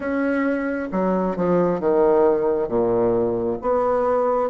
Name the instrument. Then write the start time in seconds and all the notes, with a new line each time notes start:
bassoon
0.00 C#4
0.91 F#3
1.36 F3
1.80 D#3
2.68 A#2
3.61 B3